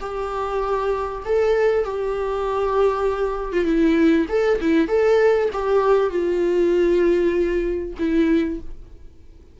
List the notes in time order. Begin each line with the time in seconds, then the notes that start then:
0.00 G4
1.25 A4
1.84 G4
3.52 F4
3.65 E4
4.28 A4
4.60 E4
4.87 A4
5.52 G4
6.09 F4
7.98 E4